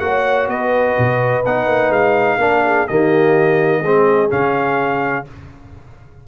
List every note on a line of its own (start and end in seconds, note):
0.00 0.48 A#3
0.00 1.44 F#4
0.00 0.51 C#5
0.00 0.48 F#5
0.48 0.95 B3
0.48 2.39 B4
0.48 1.44 D#5
0.98 1.45 B2
1.45 1.67 B3
1.45 2.40 D#4
1.45 1.92 F#5
1.67 1.89 A#3
1.89 2.37 G#3
1.89 2.87 F5
2.38 2.85 A#3
2.38 2.88 D4
2.38 2.63 A#4
2.65 2.87 G#4
2.87 3.82 D#3
2.87 3.84 A#3
2.87 3.81 G4
2.87 4.30 D#5
3.81 4.30 G#3
3.81 4.30 C4
3.81 5.24 G#4
4.30 5.28 C#3
4.30 5.25 C#4
4.30 5.26 F5